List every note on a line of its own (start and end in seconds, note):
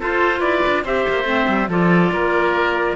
0.00 0.85 F4
0.00 0.40 F4
0.00 0.40 A4
0.00 0.41 C5
0.40 0.62 E4
0.40 0.82 B4
0.40 0.83 D5
0.67 0.85 D4
0.85 1.06 C4
0.85 1.25 G4
0.85 1.70 C5
0.85 1.72 E5
1.09 1.25 A#3
1.25 1.46 A3
1.25 1.68 C4
1.48 1.69 G3
1.69 2.12 F3
1.69 2.96 F4
1.69 2.13 A4
1.69 2.96 D5
2.13 2.96 A#3
2.13 2.96 A#4